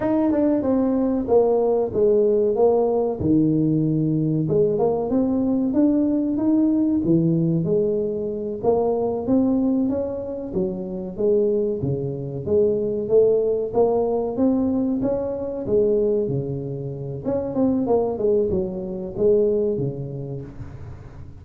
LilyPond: \new Staff \with { instrumentName = "tuba" } { \time 4/4 \tempo 4 = 94 dis'8 d'8 c'4 ais4 gis4 | ais4 dis2 gis8 ais8 | c'4 d'4 dis'4 e4 | gis4. ais4 c'4 cis'8~ |
cis'8 fis4 gis4 cis4 gis8~ | gis8 a4 ais4 c'4 cis'8~ | cis'8 gis4 cis4. cis'8 c'8 | ais8 gis8 fis4 gis4 cis4 | }